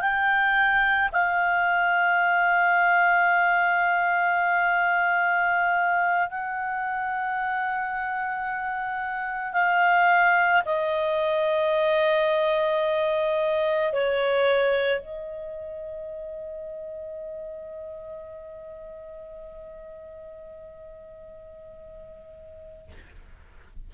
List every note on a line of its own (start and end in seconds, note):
0.00 1.09 G5
1.12 6.29 F5
6.29 9.53 F#5
9.53 10.62 F5
10.65 13.92 D#5
13.92 15.00 C#5
15.00 22.91 D#5